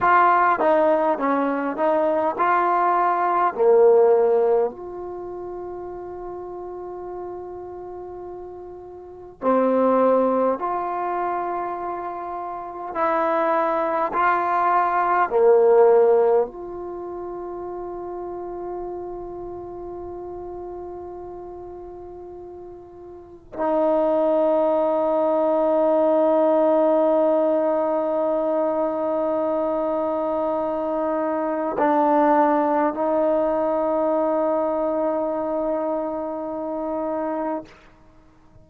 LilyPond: \new Staff \with { instrumentName = "trombone" } { \time 4/4 \tempo 4 = 51 f'8 dis'8 cis'8 dis'8 f'4 ais4 | f'1 | c'4 f'2 e'4 | f'4 ais4 f'2~ |
f'1 | dis'1~ | dis'2. d'4 | dis'1 | }